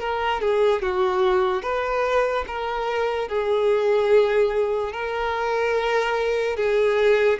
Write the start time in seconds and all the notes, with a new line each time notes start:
0.00 A#4
0.41 G#4
0.82 F#4
1.62 B4
2.47 A#4
3.28 G#4
4.92 A#4
6.56 G#4